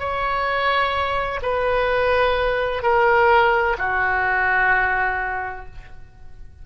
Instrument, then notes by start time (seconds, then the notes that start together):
oboe
0.00 C#5
1.43 B4
2.83 A#4
3.79 F#4